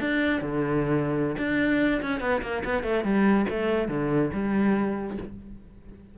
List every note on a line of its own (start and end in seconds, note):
0.00 0.41 D4
0.41 1.36 D3
1.38 2.01 D4
2.02 2.21 C#4
2.21 2.42 B3
2.42 2.63 A#3
2.64 2.83 B3
2.83 3.04 A3
3.04 3.46 G3
3.50 3.89 A3
3.89 4.31 D3
4.33 5.18 G3